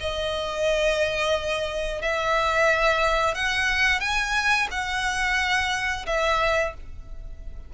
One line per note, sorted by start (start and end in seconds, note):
0.00 2.01 D#5
2.01 3.34 E5
3.34 4.00 F#5
4.00 4.67 G#5
4.71 6.06 F#5
6.06 6.73 E5